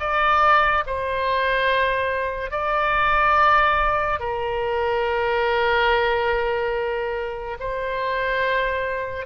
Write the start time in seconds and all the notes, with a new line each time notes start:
0.00 D5
0.87 C5
2.51 D5
4.20 A#4
7.60 C5